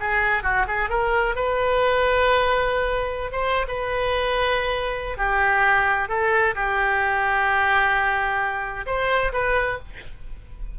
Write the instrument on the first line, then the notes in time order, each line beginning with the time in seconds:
oboe
0.00 G#4
0.43 F#4
0.67 G#4
0.90 A#4
1.36 B4
3.32 C5
3.68 B4
5.17 G4
6.09 A4
6.55 G4
8.86 C5
9.33 B4